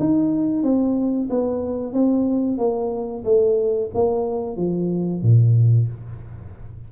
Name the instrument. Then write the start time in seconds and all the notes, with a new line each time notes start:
tuba
0.00 D#4
0.64 C4
1.30 B3
1.93 C4
2.58 A#3
3.25 A3
3.95 A#3
4.57 F3
5.23 A#2